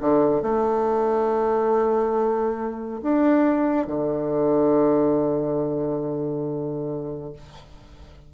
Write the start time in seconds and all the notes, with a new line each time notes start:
0.00 D3
0.42 A3
3.02 D4
3.87 D3